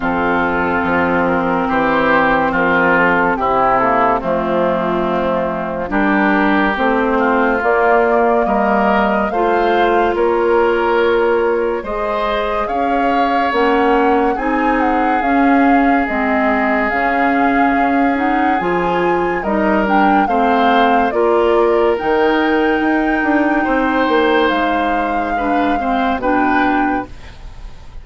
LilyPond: <<
  \new Staff \with { instrumentName = "flute" } { \time 4/4 \tempo 4 = 71 a'4. ais'8 c''4 ais'8 a'8 | g'8 a'8 f'2 ais'4 | c''4 d''4 dis''4 f''4 | cis''2 dis''4 f''4 |
fis''4 gis''8 fis''8 f''4 dis''4 | f''4. fis''8 gis''4 dis''8 g''8 | f''4 d''4 g''2~ | g''4 f''2 g''4 | }
  \new Staff \with { instrumentName = "oboe" } { \time 4/4 f'2 g'4 f'4 | e'4 c'2 g'4~ | g'8 f'4. ais'4 c''4 | ais'2 c''4 cis''4~ |
cis''4 gis'2.~ | gis'2. ais'4 | c''4 ais'2. | c''2 b'8 c''8 b'4 | }
  \new Staff \with { instrumentName = "clarinet" } { \time 4/4 c'1~ | c'8 ais8 a2 d'4 | c'4 ais2 f'4~ | f'2 gis'2 |
cis'4 dis'4 cis'4 c'4 | cis'4. dis'8 f'4 dis'8 d'8 | c'4 f'4 dis'2~ | dis'2 d'8 c'8 d'4 | }
  \new Staff \with { instrumentName = "bassoon" } { \time 4/4 f,4 f4 e4 f4 | c4 f2 g4 | a4 ais4 g4 a4 | ais2 gis4 cis'4 |
ais4 c'4 cis'4 gis4 | cis4 cis'4 f4 g4 | a4 ais4 dis4 dis'8 d'8 | c'8 ais8 gis2 b,4 | }
>>